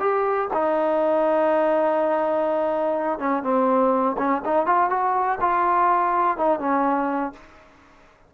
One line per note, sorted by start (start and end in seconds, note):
0.00 0.49 G4
0.53 3.19 D#4
3.19 3.43 C#4
3.43 4.16 C4
4.18 4.42 C#4
4.45 4.66 D#4
4.66 4.90 F4
4.90 5.38 F#4
5.41 6.37 F4
6.37 6.60 D#4
6.60 7.33 C#4